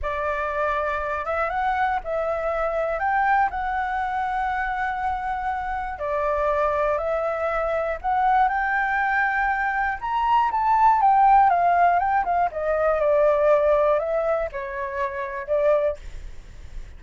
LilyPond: \new Staff \with { instrumentName = "flute" } { \time 4/4 \tempo 4 = 120 d''2~ d''8 e''8 fis''4 | e''2 g''4 fis''4~ | fis''1 | d''2 e''2 |
fis''4 g''2. | ais''4 a''4 g''4 f''4 | g''8 f''8 dis''4 d''2 | e''4 cis''2 d''4 | }